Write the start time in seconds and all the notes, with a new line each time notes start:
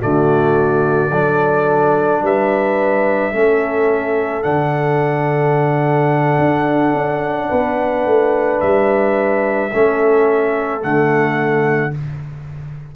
0.00 D3 A3 F#4 D5
1.11 F#3 D4 A4
2.23 G3 B4 E5
3.33 A3 C#4 A4
4.43 D3 D4 F#5
6.38 D4
6.94 C#4
7.50 B3 B4
8.06 A3
8.61 G3 E5
9.74 A3 C#4 A4
10.81 D3 A3 F#5